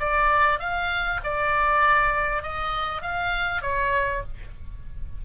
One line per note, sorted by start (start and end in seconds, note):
0.00 0.60 D5
0.60 1.20 F5
1.24 2.43 D5
2.43 3.02 D#5
3.02 3.62 F5
3.62 4.23 C#5